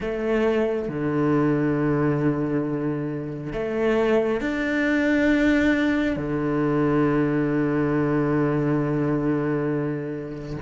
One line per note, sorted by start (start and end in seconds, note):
0.00 0.88 A3
0.88 3.53 D3
3.53 4.40 A3
4.40 6.16 D4
6.16 10.57 D3